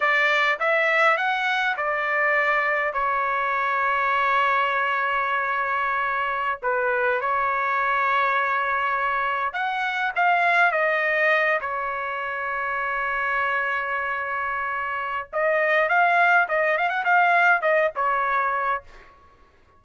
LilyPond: \new Staff \with { instrumentName = "trumpet" } { \time 4/4 \tempo 4 = 102 d''4 e''4 fis''4 d''4~ | d''4 cis''2.~ | cis''2.~ cis''16 b'8.~ | b'16 cis''2.~ cis''8.~ |
cis''16 fis''4 f''4 dis''4. cis''16~ | cis''1~ | cis''2 dis''4 f''4 | dis''8 f''16 fis''16 f''4 dis''8 cis''4. | }